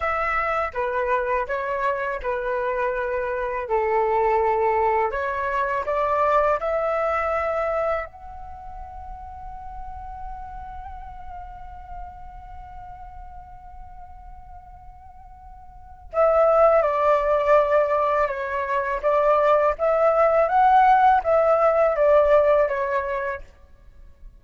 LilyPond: \new Staff \with { instrumentName = "flute" } { \time 4/4 \tempo 4 = 82 e''4 b'4 cis''4 b'4~ | b'4 a'2 cis''4 | d''4 e''2 fis''4~ | fis''1~ |
fis''1~ | fis''2 e''4 d''4~ | d''4 cis''4 d''4 e''4 | fis''4 e''4 d''4 cis''4 | }